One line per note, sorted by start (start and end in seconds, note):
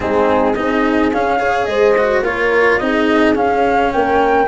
0.00 0.57 G#3
0.00 0.54 C4
0.00 0.55 D#4
0.00 0.54 G#4
0.54 1.13 C4
0.54 1.12 D#4
0.54 1.39 G#4
0.54 1.10 D#5
1.12 1.67 C#4
1.12 1.39 C#4
1.12 1.65 F5
1.39 1.95 G#4
1.39 1.67 C#5
1.65 2.21 G#3
1.65 2.25 C5
1.65 2.21 D#5
1.97 2.24 F#4
2.21 2.77 A#3
2.21 2.80 F4
2.21 2.82 A#4
2.21 2.78 C#5
2.78 3.36 C4
2.78 3.35 D#4
2.78 3.93 G#4
2.78 3.34 D#5
3.35 4.47 C#4
3.35 3.92 C#4
3.35 3.92 F5
3.92 4.48 A#3
3.92 4.48 A#4
3.92 4.48 G5